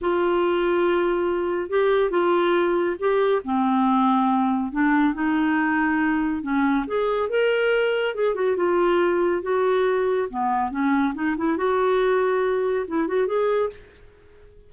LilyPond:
\new Staff \with { instrumentName = "clarinet" } { \time 4/4 \tempo 4 = 140 f'1 | g'4 f'2 g'4 | c'2. d'4 | dis'2. cis'4 |
gis'4 ais'2 gis'8 fis'8 | f'2 fis'2 | b4 cis'4 dis'8 e'8 fis'4~ | fis'2 e'8 fis'8 gis'4 | }